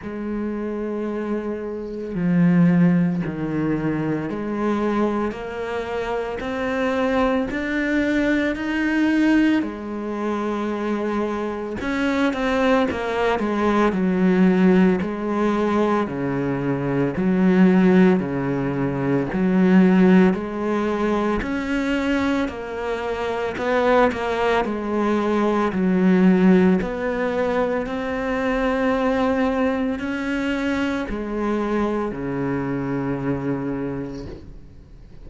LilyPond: \new Staff \with { instrumentName = "cello" } { \time 4/4 \tempo 4 = 56 gis2 f4 dis4 | gis4 ais4 c'4 d'4 | dis'4 gis2 cis'8 c'8 | ais8 gis8 fis4 gis4 cis4 |
fis4 cis4 fis4 gis4 | cis'4 ais4 b8 ais8 gis4 | fis4 b4 c'2 | cis'4 gis4 cis2 | }